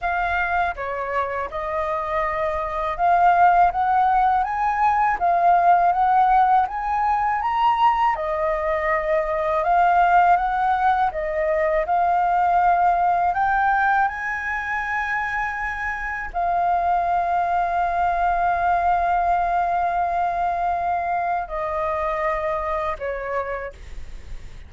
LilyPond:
\new Staff \with { instrumentName = "flute" } { \time 4/4 \tempo 4 = 81 f''4 cis''4 dis''2 | f''4 fis''4 gis''4 f''4 | fis''4 gis''4 ais''4 dis''4~ | dis''4 f''4 fis''4 dis''4 |
f''2 g''4 gis''4~ | gis''2 f''2~ | f''1~ | f''4 dis''2 cis''4 | }